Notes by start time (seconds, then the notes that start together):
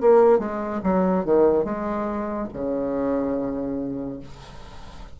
0.00 A#3
0.39 G#3
0.83 F#3
1.25 D#3
1.64 G#3
2.53 C#3